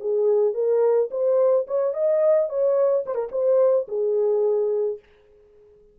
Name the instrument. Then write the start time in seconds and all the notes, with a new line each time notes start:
horn
0.00 G#4
0.54 A#4
1.11 C5
1.67 C#5
1.94 D#5
2.49 C#5
3.06 C5
3.15 A#4
3.32 C5
3.88 G#4